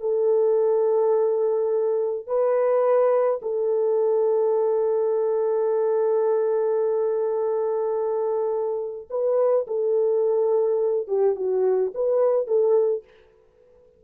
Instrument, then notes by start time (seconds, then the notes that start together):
horn
0.00 A4
2.26 B4
3.41 A4
9.10 B4
9.67 A4
11.07 G4
11.35 F#4
11.94 B4
12.47 A4